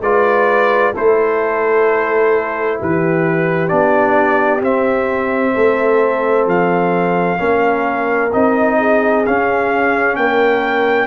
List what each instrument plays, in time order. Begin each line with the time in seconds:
0.00 tuba G#3, trombone F4, horn B4, trumpet D5
0.94 tuba A3, trombone E4, horn A4, trumpet C5
2.80 tuba E3, horn G4, trumpet B4
3.68 tuba B3, trombone D4, trumpet D5
4.62 tuba C4, trombone C4, trumpet E5
5.54 tuba A3, horn A4
6.46 tuba F3, trumpet F5
7.38 tuba A#3, trombone C#4, horn A#4
8.33 tuba C4, trombone D#4, trumpet D#5
8.78 horn G#4
9.26 trombone C#4, tuba C#4, trumpet F5
10.16 tuba A#3, horn A#4, trumpet G5